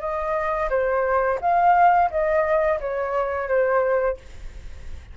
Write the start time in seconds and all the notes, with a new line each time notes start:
0.00 D#5
0.70 C5
1.41 F5
2.10 D#5
2.80 C#5
3.48 C5